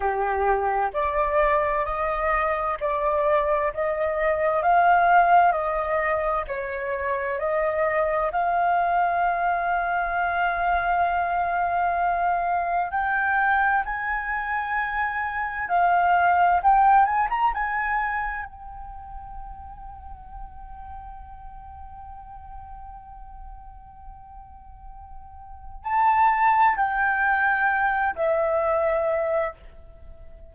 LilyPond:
\new Staff \with { instrumentName = "flute" } { \time 4/4 \tempo 4 = 65 g'4 d''4 dis''4 d''4 | dis''4 f''4 dis''4 cis''4 | dis''4 f''2.~ | f''2 g''4 gis''4~ |
gis''4 f''4 g''8 gis''16 ais''16 gis''4 | g''1~ | g''1 | a''4 g''4. e''4. | }